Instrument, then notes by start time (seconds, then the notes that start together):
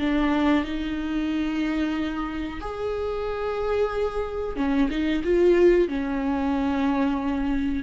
viola
0.00 D4
0.65 D#4
2.61 G#4
4.57 C#4
4.91 D#4
5.24 F4
5.89 C#4